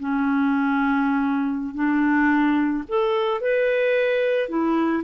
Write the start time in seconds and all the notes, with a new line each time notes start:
0.00 C#4
1.75 D4
2.89 A4
3.41 B4
4.49 E4